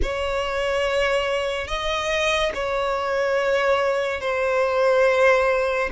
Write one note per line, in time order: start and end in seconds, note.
0.02 1.67 C#5
1.67 2.52 D#5
2.54 4.20 C#5
4.20 5.89 C5